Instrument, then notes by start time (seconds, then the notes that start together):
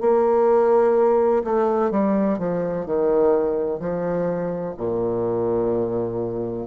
bassoon
0.00 A#3
1.44 A3
1.90 G3
2.38 F3
2.85 D#3
3.79 F3
4.77 A#2